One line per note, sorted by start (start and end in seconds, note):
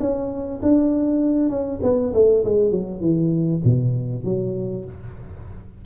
0.00 0.61 C#4
0.62 1.50 D4
1.50 1.80 C#4
1.83 2.13 B3
2.14 2.44 A3
2.45 2.71 G#3
2.71 3.01 F#3
3.01 3.61 E3
3.64 4.24 B2
4.24 4.85 F#3